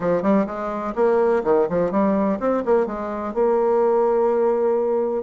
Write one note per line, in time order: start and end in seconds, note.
0.00 0.22 F3
0.22 0.46 G3
0.46 0.94 G#3
0.95 1.42 A#3
1.44 1.68 D#3
1.69 1.91 F3
1.91 2.38 G3
2.39 2.63 C4
2.65 2.86 A#3
2.86 3.34 G#3
3.34 5.23 A#3